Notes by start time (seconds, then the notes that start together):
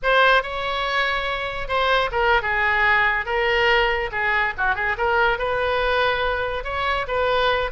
0.02 C5
0.42 C#5
1.67 C5
2.11 A#4
2.42 G#4
3.25 A#4
4.11 G#4
4.57 F#4
4.75 G#4
4.97 A#4
5.38 B4
6.64 C#5
7.07 B4